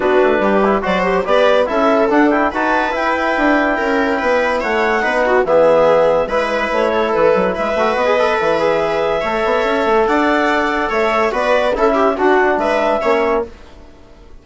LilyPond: <<
  \new Staff \with { instrumentName = "clarinet" } { \time 4/4 \tempo 4 = 143 b'2 d''8 g'8 d''4 | e''4 fis''8 g''8 a''4 g''4~ | g''2. fis''4~ | fis''4 e''2 b'4 |
cis''4 b'4 e''4 dis''4 | e''1 | fis''2 e''4 d''4 | e''4 fis''4 e''2 | }
  \new Staff \with { instrumentName = "viola" } { \time 4/4 fis'4 g'4 c''4 b'4 | a'2 b'2~ | b'4 ais'4 b'4 cis''4 | b'8 fis'8 gis'2 b'4~ |
b'8 a'4. b'2~ | b'2 cis''2 | d''2 cis''4 b'4 | a'8 g'8 fis'4 b'4 cis''4 | }
  \new Staff \with { instrumentName = "trombone" } { \time 4/4 d'4. e'8 fis'4 g'4 | e'4 d'8 e'8 fis'4 e'4~ | e'1 | dis'4 b2 e'4~ |
e'2~ e'8 fis'8. gis'16 a'8~ | a'8 gis'4. a'2~ | a'2. fis'4 | e'4 d'2 cis'4 | }
  \new Staff \with { instrumentName = "bassoon" } { \time 4/4 b8 a8 g4 fis4 b4 | cis'4 d'4 dis'4 e'4 | d'4 cis'4 b4 a4 | b4 e2 gis4 |
a4 e8 fis8 gis8 a8 b4 | e2 a8 b8 cis'8 a8 | d'2 a4 b4 | cis'4 d'4 gis4 ais4 | }
>>